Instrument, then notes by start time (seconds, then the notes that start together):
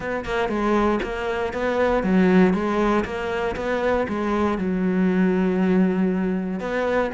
cello
0.00 B3
0.24 A#3
0.49 G#3
1.02 A#3
1.53 B3
2.03 F#3
2.53 G#3
3.04 A#3
3.56 B3
4.08 G#3
4.58 F#3
6.60 B3